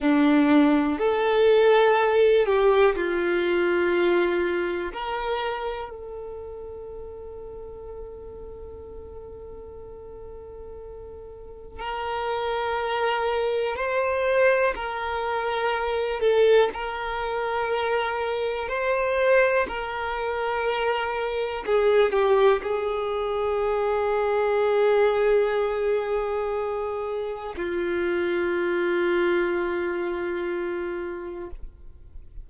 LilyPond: \new Staff \with { instrumentName = "violin" } { \time 4/4 \tempo 4 = 61 d'4 a'4. g'8 f'4~ | f'4 ais'4 a'2~ | a'1 | ais'2 c''4 ais'4~ |
ais'8 a'8 ais'2 c''4 | ais'2 gis'8 g'8 gis'4~ | gis'1 | f'1 | }